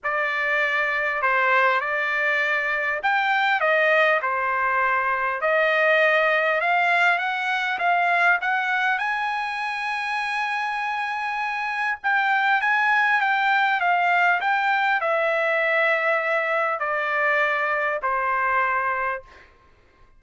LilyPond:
\new Staff \with { instrumentName = "trumpet" } { \time 4/4 \tempo 4 = 100 d''2 c''4 d''4~ | d''4 g''4 dis''4 c''4~ | c''4 dis''2 f''4 | fis''4 f''4 fis''4 gis''4~ |
gis''1 | g''4 gis''4 g''4 f''4 | g''4 e''2. | d''2 c''2 | }